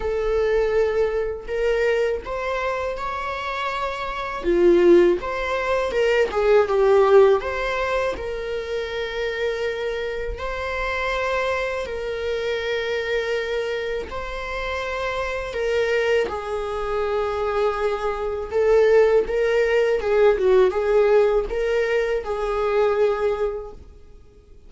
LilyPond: \new Staff \with { instrumentName = "viola" } { \time 4/4 \tempo 4 = 81 a'2 ais'4 c''4 | cis''2 f'4 c''4 | ais'8 gis'8 g'4 c''4 ais'4~ | ais'2 c''2 |
ais'2. c''4~ | c''4 ais'4 gis'2~ | gis'4 a'4 ais'4 gis'8 fis'8 | gis'4 ais'4 gis'2 | }